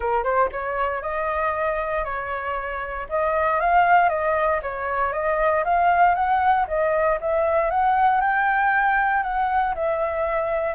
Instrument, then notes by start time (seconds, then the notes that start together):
flute
0.00 A#4
0.23 C5
0.52 C#5
1.02 D#5
2.04 C#5
3.09 D#5
3.60 F5
4.09 D#5
4.62 C#5
5.13 D#5
5.64 F5
6.14 F#5
6.67 D#5
7.21 E5
7.70 F#5
8.20 G5
9.23 F#5
9.75 E5